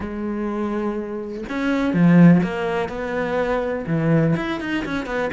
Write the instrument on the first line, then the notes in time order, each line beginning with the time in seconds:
cello
0.00 G#3
1.49 C#4
1.93 F3
2.43 A#3
2.88 B3
3.86 E3
4.36 E4
4.60 D#4
4.85 C#4
5.06 B3